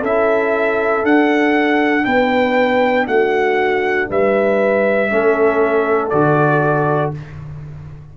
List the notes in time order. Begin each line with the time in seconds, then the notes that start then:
0.00 C#4 E4 A4 E5
1.03 D4 F#5
2.05 B3 B4 G5
3.07 A3 F#4 F#5
4.10 G3 B4 E5
5.10 A3 C#4 A4
6.10 D3 F#4 D5